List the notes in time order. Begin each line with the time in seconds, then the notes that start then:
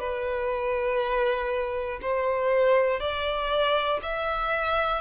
0.00 B4
2.01 C5
3.00 D5
4.02 E5